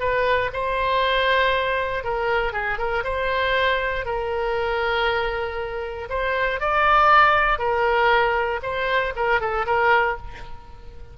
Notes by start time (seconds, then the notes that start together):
0.00 B4
0.53 C5
2.04 A#4
2.53 G#4
2.79 A#4
3.04 C5
4.06 A#4
6.10 C5
6.61 D5
7.59 A#4
8.63 C5
9.16 A#4
9.41 A4
9.67 A#4